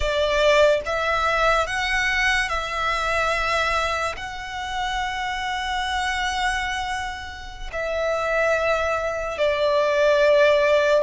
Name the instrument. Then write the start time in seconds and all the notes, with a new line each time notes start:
violin
0.00 D5
0.85 E5
1.66 F#5
2.48 E5
4.16 F#5
7.72 E5
9.37 D5